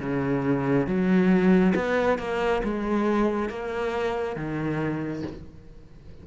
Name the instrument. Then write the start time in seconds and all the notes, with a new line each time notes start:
cello
0.00 C#3
0.87 F#3
1.75 B3
2.19 A#3
2.64 G#3
3.49 A#3
4.36 D#3